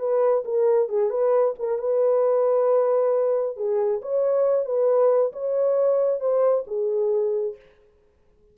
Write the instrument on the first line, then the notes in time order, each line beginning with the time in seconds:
horn
0.00 B4
0.45 A#4
0.89 G#4
1.10 B4
1.60 A#4
1.79 B4
3.57 G#4
4.02 C#5
4.66 B4
5.33 C#5
6.21 C5
6.67 G#4